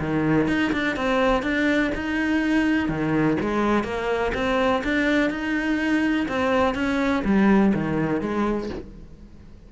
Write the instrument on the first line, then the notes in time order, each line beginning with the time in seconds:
cello
0.00 D#3
0.48 D#4
0.73 D4
0.96 C4
1.43 D4
1.95 D#4
2.89 D#3
3.40 G#3
3.84 A#3
4.34 C4
4.84 D4
5.30 D#4
6.28 C4
6.75 C#4
7.25 G3
7.74 D#3
8.21 G#3